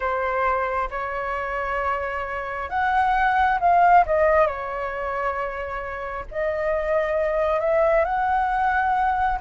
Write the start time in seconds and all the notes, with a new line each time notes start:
0.00 C5
0.90 C#5
2.69 F#5
3.59 F5
4.06 D#5
4.46 C#5
6.31 D#5
7.60 E5
8.04 F#5